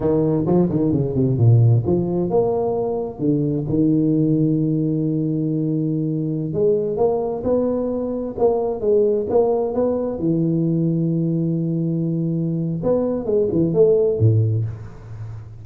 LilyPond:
\new Staff \with { instrumentName = "tuba" } { \time 4/4 \tempo 4 = 131 dis4 f8 dis8 cis8 c8 ais,4 | f4 ais2 d4 | dis1~ | dis2~ dis16 gis4 ais8.~ |
ais16 b2 ais4 gis8.~ | gis16 ais4 b4 e4.~ e16~ | e1 | b4 gis8 e8 a4 a,4 | }